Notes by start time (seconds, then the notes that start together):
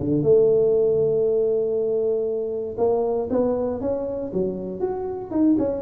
0.00 D3
0.23 A3
2.78 A#3
3.31 B3
3.81 C#4
4.34 F#3
4.81 F#4
5.31 D#4
5.59 C#4